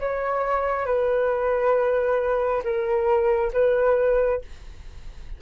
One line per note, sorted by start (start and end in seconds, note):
0.00 0.86 C#5
0.86 2.63 B4
2.64 3.52 A#4
3.53 4.42 B4